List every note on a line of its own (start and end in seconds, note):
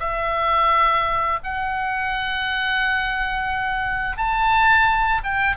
0.00 1.40 E5
1.44 4.17 F#5
4.17 5.22 A5
5.24 5.57 G5